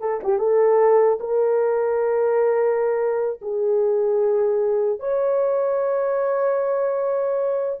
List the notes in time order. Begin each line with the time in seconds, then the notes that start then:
0.00 A4
0.23 G4
0.39 A4
1.20 A#4
3.41 G#4
4.99 C#5